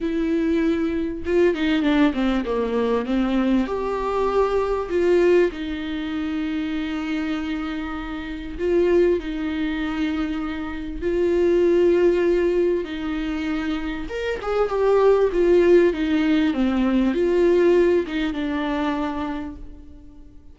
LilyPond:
\new Staff \with { instrumentName = "viola" } { \time 4/4 \tempo 4 = 98 e'2 f'8 dis'8 d'8 c'8 | ais4 c'4 g'2 | f'4 dis'2.~ | dis'2 f'4 dis'4~ |
dis'2 f'2~ | f'4 dis'2 ais'8 gis'8 | g'4 f'4 dis'4 c'4 | f'4. dis'8 d'2 | }